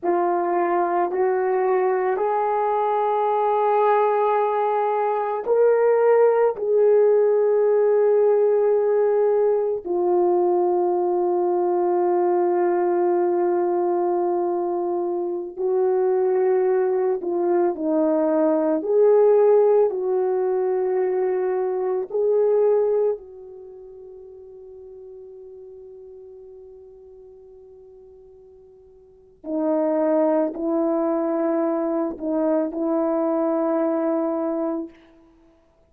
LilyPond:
\new Staff \with { instrumentName = "horn" } { \time 4/4 \tempo 4 = 55 f'4 fis'4 gis'2~ | gis'4 ais'4 gis'2~ | gis'4 f'2.~ | f'2~ f'16 fis'4. f'16~ |
f'16 dis'4 gis'4 fis'4.~ fis'16~ | fis'16 gis'4 fis'2~ fis'8.~ | fis'2. dis'4 | e'4. dis'8 e'2 | }